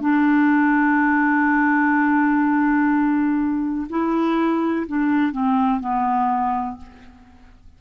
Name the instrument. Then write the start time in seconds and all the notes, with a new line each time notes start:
clarinet
0.00 D4
3.89 E4
4.87 D4
5.32 C4
5.80 B3